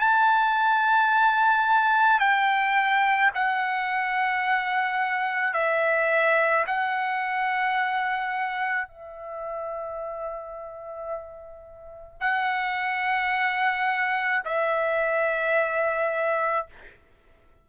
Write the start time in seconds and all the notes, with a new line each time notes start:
0.00 A5
2.20 G5
3.34 F#5
5.54 E5
6.67 F#5
8.88 E5
12.21 F#5
14.45 E5